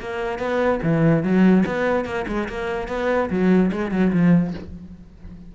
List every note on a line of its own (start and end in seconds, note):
0.00 0.39 A#3
0.39 0.80 B3
0.83 1.23 E3
1.23 1.64 F#3
1.66 2.05 B3
2.05 2.26 A#3
2.28 2.48 G#3
2.49 2.88 A#3
2.88 3.29 B3
3.30 3.71 F#3
3.72 3.91 G#3
3.91 4.12 F#3
4.12 4.54 F3